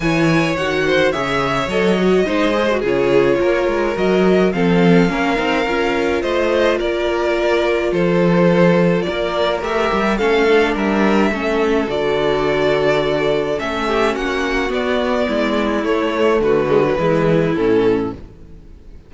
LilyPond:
<<
  \new Staff \with { instrumentName = "violin" } { \time 4/4 \tempo 4 = 106 gis''4 fis''4 e''4 dis''4~ | dis''4 cis''2 dis''4 | f''2. dis''4 | d''2 c''2 |
d''4 e''4 f''4 e''4~ | e''4 d''2. | e''4 fis''4 d''2 | cis''4 b'2 a'4 | }
  \new Staff \with { instrumentName = "violin" } { \time 4/4 cis''4. c''8 cis''2 | c''4 gis'4 ais'2 | a'4 ais'2 c''4 | ais'2 a'2 |
ais'2 a'4 ais'4 | a'1~ | a'8 g'8 fis'2 e'4~ | e'4 fis'4 e'2 | }
  \new Staff \with { instrumentName = "viola" } { \time 4/4 e'4 fis'4 gis'4 a'8 fis'8 | dis'8 gis'16 fis'16 f'2 fis'4 | c'4 cis'8 dis'8 f'2~ | f'1~ |
f'4 g'4 cis'8 d'4. | cis'4 fis'2. | cis'2 b2 | a4. gis16 fis16 gis4 cis'4 | }
  \new Staff \with { instrumentName = "cello" } { \time 4/4 e4 dis4 cis4 fis4 | gis4 cis4 ais8 gis8 fis4 | f4 ais8 c'8 cis'4 a4 | ais2 f2 |
ais4 a8 g8 a4 g4 | a4 d2. | a4 ais4 b4 gis4 | a4 d4 e4 a,4 | }
>>